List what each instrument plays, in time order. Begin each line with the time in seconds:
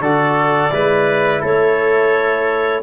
0.00 tuba D3, trombone F#4, trumpet A4, clarinet D5
0.71 tuba G#3, trombone E4, trumpet B4
1.41 tuba A3, trumpet A4, clarinet C#5